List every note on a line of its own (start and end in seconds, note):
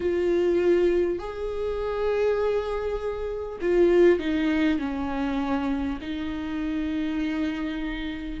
0.00 1.18 F4
1.18 3.58 G#4
3.61 4.19 F4
4.19 4.78 D#4
4.78 5.98 C#4
6.01 8.40 D#4